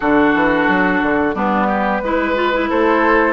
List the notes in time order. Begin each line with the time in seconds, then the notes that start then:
0.00 D3 D4 F#4 A4
0.34 E3
0.67 F#3
1.02 D3
1.34 G3 B3 D4 B4
1.67 G4
2.02 G#3 E4 B4
2.35 F4
2.53 E4
2.69 A3 A4 C5